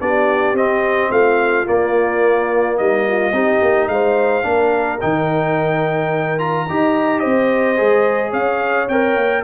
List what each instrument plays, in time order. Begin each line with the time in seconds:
0.00 tuba B3, trombone D4, horn G4, trumpet D5
0.53 tuba C4, trombone C4, trumpet D#5
1.10 tuba A3, horn F4, trumpet F5
1.66 trombone A#3, tuba A#3, trumpet D5
2.77 tuba G3, horn D#4, trumpet D#5
3.08 horn F4
3.32 tuba C4, trombone D#4, horn G4
3.62 tuba A#3
3.88 tuba G#3, horn C5, trumpet F5
4.42 tuba A#3, trombone D4, horn A#4
5.00 tuba D#3, trombone D#4, trumpet G5
6.38 trombone F4, trumpet A#5
6.68 tuba D#4, trombone G4, horn D#5
7.19 tuba C4, horn C5, trumpet D#5
7.77 tuba G#3, trombone G#4
8.30 tuba C#4, horn C#5, trumpet F5
8.88 tuba C4, trombone A#4, trumpet G5
9.16 tuba A#3